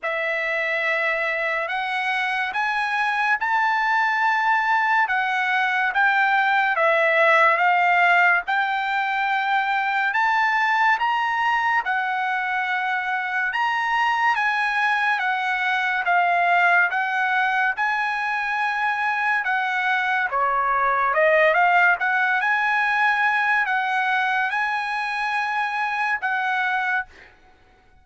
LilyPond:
\new Staff \with { instrumentName = "trumpet" } { \time 4/4 \tempo 4 = 71 e''2 fis''4 gis''4 | a''2 fis''4 g''4 | e''4 f''4 g''2 | a''4 ais''4 fis''2 |
ais''4 gis''4 fis''4 f''4 | fis''4 gis''2 fis''4 | cis''4 dis''8 f''8 fis''8 gis''4. | fis''4 gis''2 fis''4 | }